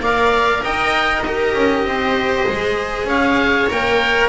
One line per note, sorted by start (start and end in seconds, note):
0.00 0.61 A#3
0.00 1.23 A#4
0.00 0.63 D5
0.00 0.64 F5
0.63 1.55 D#4
0.63 1.24 D#5
0.63 1.23 G5
1.23 2.47 G4
1.23 1.89 A#4
1.23 3.07 D#5
1.55 1.84 C#4
1.84 2.46 C4
1.84 3.09 C5
2.47 3.05 G#3
2.47 3.69 G#4
3.05 3.66 C#4
3.05 4.29 C#5
3.05 3.70 F5
3.70 4.29 A#3
3.70 4.29 A#4
3.70 4.29 G5